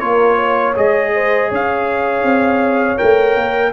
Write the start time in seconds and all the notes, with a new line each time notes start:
0.00 A#3 F4 A#4 C#5
0.37 C#5
0.76 G#3 G#4 D#5
1.14 C5
1.49 C#4 C#5 F5
2.24 C4
2.98 A3 A#4 G5
3.36 A#3